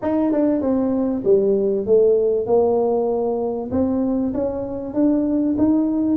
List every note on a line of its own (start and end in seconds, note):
0.01 0.32 D#4
0.32 0.61 D4
0.61 1.23 C4
1.24 1.86 G3
1.86 2.46 A3
2.46 3.70 A#3
3.71 4.33 C4
4.34 4.94 C#4
4.94 5.56 D4
5.58 6.17 D#4